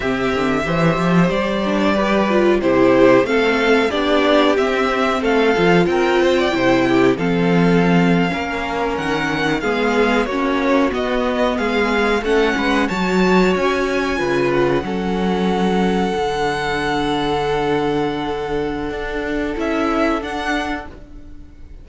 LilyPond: <<
  \new Staff \with { instrumentName = "violin" } { \time 4/4 \tempo 4 = 92 e''2 d''2 | c''4 f''4 d''4 e''4 | f''4 g''2 f''4~ | f''4.~ f''16 fis''4 f''4 cis''16~ |
cis''8. dis''4 f''4 fis''4 a''16~ | a''8. gis''4. fis''4.~ fis''16~ | fis''1~ | fis''2 e''4 fis''4 | }
  \new Staff \with { instrumentName = "violin" } { \time 4/4 g'4 c''2 b'4 | g'4 a'4 g'2 | a'4 ais'8 c''16 d''16 c''8 g'8 a'4~ | a'8. ais'2 gis'4 fis'16~ |
fis'4.~ fis'16 gis'4 a'8 b'8 cis''16~ | cis''4.~ cis''16 b'4 a'4~ a'16~ | a'1~ | a'1 | }
  \new Staff \with { instrumentName = "viola" } { \time 4/4 c'4 g'4. d'8 g'8 f'8 | e'4 c'4 d'4 c'4~ | c'8 f'4. e'4 c'4~ | c'8. cis'2 b4 cis'16~ |
cis'8. b2 cis'4 fis'16~ | fis'4.~ fis'16 f'4 cis'4~ cis'16~ | cis'8. d'2.~ d'16~ | d'2 e'4 d'4 | }
  \new Staff \with { instrumentName = "cello" } { \time 4/4 c8 d8 e8 f8 g2 | c4 a4 b4 c'4 | a8 f8 c'4 c4 f4~ | f8. ais4 dis4 gis4 ais16~ |
ais8. b4 gis4 a8 gis8 fis16~ | fis8. cis'4 cis4 fis4~ fis16~ | fis8. d2.~ d16~ | d4 d'4 cis'4 d'4 | }
>>